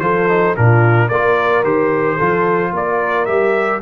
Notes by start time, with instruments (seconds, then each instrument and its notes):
0.00 tuba F3, trombone F4, horn A4, trumpet C5
0.29 trombone D#4
0.57 tuba A#2, trombone D4, horn F4, trumpet A#4
1.08 tuba A#3, trombone F4, horn A#4, trumpet D5
1.64 tuba D#3, trombone G4, trumpet C5
2.17 tuba F3, trombone F4, horn A4
2.73 tuba A#3, horn A#4, trumpet D5
3.26 tuba G3, trombone G4, trumpet E5